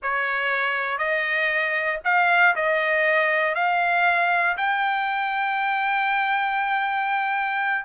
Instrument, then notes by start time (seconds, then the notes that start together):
trumpet
0.02 C#5
0.98 D#5
2.04 F5
2.55 D#5
3.55 F5
4.57 G5